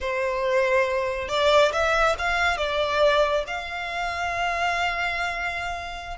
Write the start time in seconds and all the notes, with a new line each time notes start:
0.00 C5
1.28 D5
1.72 E5
2.18 F5
2.57 D5
3.47 F5